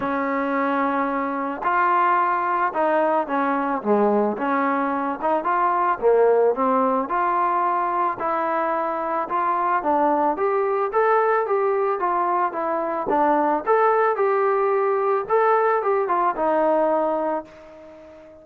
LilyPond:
\new Staff \with { instrumentName = "trombone" } { \time 4/4 \tempo 4 = 110 cis'2. f'4~ | f'4 dis'4 cis'4 gis4 | cis'4. dis'8 f'4 ais4 | c'4 f'2 e'4~ |
e'4 f'4 d'4 g'4 | a'4 g'4 f'4 e'4 | d'4 a'4 g'2 | a'4 g'8 f'8 dis'2 | }